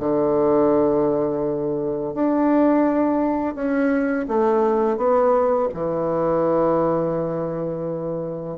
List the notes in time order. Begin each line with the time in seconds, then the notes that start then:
0.00 D3
2.15 D4
3.55 C#4
4.28 A3
4.97 B3
5.74 E3